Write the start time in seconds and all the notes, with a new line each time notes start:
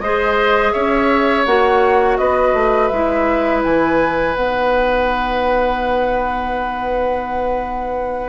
0.00 G#3 G#4 C5 D#5
0.73 C#4 C#5 E5
1.46 A#3 F#4 F#5
2.18 B3 B4 D#5
2.54 A3
2.88 G#3 E4 E5
3.64 E3 G#5
4.35 B3 D#4 F#5